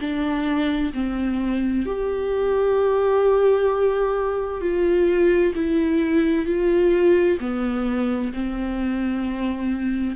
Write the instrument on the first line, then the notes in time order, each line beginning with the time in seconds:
viola
0.00 D4
0.93 C4
1.85 G4
4.61 F4
5.55 E4
6.46 F4
7.40 B3
8.33 C4